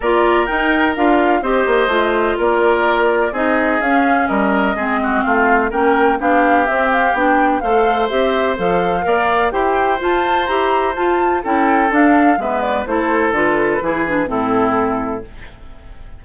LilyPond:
<<
  \new Staff \with { instrumentName = "flute" } { \time 4/4 \tempo 4 = 126 d''4 g''4 f''4 dis''4~ | dis''4 d''2 dis''4 | f''4 dis''2 f''4 | g''4 f''4 e''8 f''8 g''4 |
f''4 e''4 f''2 | g''4 a''4 ais''4 a''4 | g''4 f''4 e''8 d''8 c''4 | b'2 a'2 | }
  \new Staff \with { instrumentName = "oboe" } { \time 4/4 ais'2. c''4~ | c''4 ais'2 gis'4~ | gis'4 ais'4 gis'8 fis'8 f'4 | ais'4 g'2. |
c''2. d''4 | c''1 | a'2 b'4 a'4~ | a'4 gis'4 e'2 | }
  \new Staff \with { instrumentName = "clarinet" } { \time 4/4 f'4 dis'4 f'4 g'4 | f'2. dis'4 | cis'2 c'2 | cis'4 d'4 c'4 d'4 |
a'4 g'4 a'4 ais'4 | g'4 f'4 g'4 f'4 | e'4 d'4 b4 e'4 | f'4 e'8 d'8 c'2 | }
  \new Staff \with { instrumentName = "bassoon" } { \time 4/4 ais4 dis'4 d'4 c'8 ais8 | a4 ais2 c'4 | cis'4 g4 gis4 a4 | ais4 b4 c'4 b4 |
a4 c'4 f4 ais4 | e'4 f'4 e'4 f'4 | cis'4 d'4 gis4 a4 | d4 e4 a,2 | }
>>